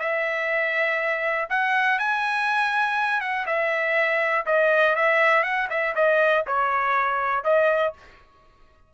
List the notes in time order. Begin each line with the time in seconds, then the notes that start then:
0.00 E5
1.50 F#5
1.99 G#5
3.21 F#5
3.47 E5
4.46 D#5
4.96 E5
5.43 F#5
5.70 E5
5.95 D#5
6.47 C#5
7.44 D#5